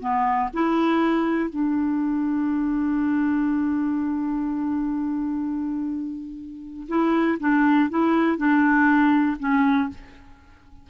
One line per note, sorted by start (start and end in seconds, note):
0.00 0.50 B3
0.53 1.50 E4
1.50 6.87 D4
6.88 7.38 E4
7.40 7.90 D4
7.90 8.38 E4
8.38 9.38 D4
9.40 9.90 C#4